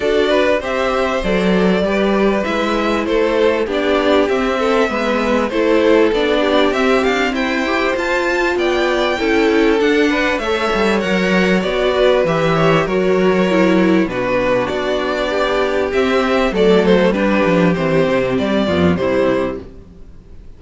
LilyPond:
<<
  \new Staff \with { instrumentName = "violin" } { \time 4/4 \tempo 4 = 98 d''4 e''4 d''2 | e''4 c''4 d''4 e''4~ | e''4 c''4 d''4 e''8 f''8 | g''4 a''4 g''2 |
fis''4 e''4 fis''4 d''4 | e''4 cis''2 b'4 | d''2 e''4 d''8 c''8 | b'4 c''4 d''4 c''4 | }
  \new Staff \with { instrumentName = "violin" } { \time 4/4 a'8 b'8 c''2 b'4~ | b'4 a'4 g'4. a'8 | b'4 a'4. g'4. | c''2 d''4 a'4~ |
a'8 b'8 cis''2~ cis''8 b'8~ | b'8 cis''8 ais'2 fis'4~ | fis'4 g'2 a'4 | g'2~ g'8 f'8 e'4 | }
  \new Staff \with { instrumentName = "viola" } { \time 4/4 fis'4 g'4 a'4 g'4 | e'2 d'4 c'4 | b4 e'4 d'4 c'4~ | c'8 g'8 f'2 e'4 |
d'4 a'4 ais'4 fis'4 | g'4 fis'4 e'4 d'4~ | d'2 c'4 a4 | d'4 c'4. b8 g4 | }
  \new Staff \with { instrumentName = "cello" } { \time 4/4 d'4 c'4 fis4 g4 | gis4 a4 b4 c'4 | gis4 a4 b4 c'8 d'8 | e'4 f'4 b4 cis'4 |
d'4 a8 g8 fis4 b4 | e4 fis2 b,4 | b2 c'4 fis4 | g8 f8 e8 c8 g8 f,8 c4 | }
>>